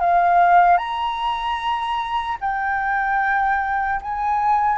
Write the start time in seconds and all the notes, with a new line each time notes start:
0.00 F5
0.77 A#5
2.40 G5
4.01 G#5